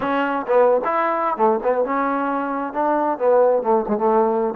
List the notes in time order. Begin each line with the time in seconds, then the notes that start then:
0.00 C#4
0.47 B3
0.84 E4
1.37 A3
1.63 B3
1.84 C#4
2.73 D4
3.18 B3
3.62 A3
3.88 G#3
3.97 A3